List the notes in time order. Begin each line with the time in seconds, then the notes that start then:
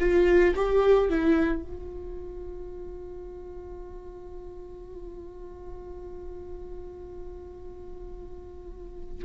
0.00 F4
0.56 G4
1.10 E4
1.63 F4